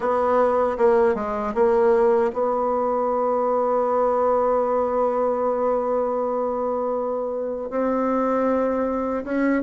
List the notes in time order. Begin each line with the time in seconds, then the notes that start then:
0.00 B3
0.77 A#3
1.15 G#3
1.54 A#3
2.33 B3
7.70 C4
9.24 C#4